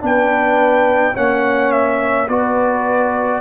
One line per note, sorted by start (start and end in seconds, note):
0.00 1.15 B3
0.00 1.13 D4
0.00 1.14 B4
0.00 1.16 G5
1.14 2.28 A#3
1.14 2.28 C#4
1.14 2.27 C#5
1.14 1.72 F#5
1.72 2.28 E5
2.28 3.41 B3
2.28 3.41 F#4
2.28 3.41 B4
2.28 3.41 D5